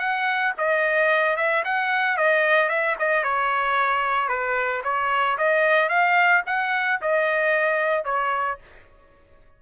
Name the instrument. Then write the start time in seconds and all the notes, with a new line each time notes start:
trumpet
0.00 F#5
0.58 D#5
1.37 E5
1.65 F#5
2.17 D#5
2.70 E5
2.99 D#5
3.24 C#5
4.29 B4
4.84 C#5
5.38 D#5
5.90 F5
6.47 F#5
7.02 D#5
8.05 C#5